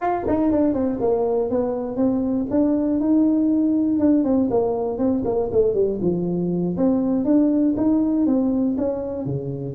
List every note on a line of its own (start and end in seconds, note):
0.01 0.26 F4
0.27 0.51 D#4
0.51 0.73 D4
0.73 0.98 C4
1.00 1.50 A#3
1.50 1.96 B3
1.96 2.46 C4
2.50 3.00 D4
3.00 3.99 D#4
3.99 4.24 D4
4.24 4.49 C4
4.50 4.98 A#3
4.98 5.23 C4
5.24 5.49 A#3
5.51 5.74 A3
5.74 5.99 G3
6.01 6.76 F3
6.76 7.25 C4
7.25 7.75 D4
7.77 8.26 D#4
8.26 8.76 C4
8.77 9.25 C#4
9.25 9.75 C#3